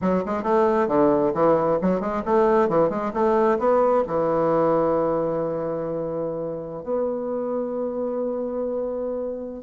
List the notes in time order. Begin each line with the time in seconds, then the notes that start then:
0.01 F#3
0.25 G#3
0.43 A3
0.87 D3
1.34 E3
1.81 F#3
2.00 G#3
2.25 A3
2.68 E3
2.89 G#3
3.13 A3
3.59 B3
4.07 E3
6.83 B3